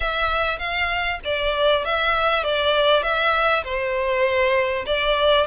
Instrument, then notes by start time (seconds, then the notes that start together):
violin
0.00 E5
0.59 F5
1.24 D5
1.85 E5
2.43 D5
3.02 E5
3.64 C5
4.86 D5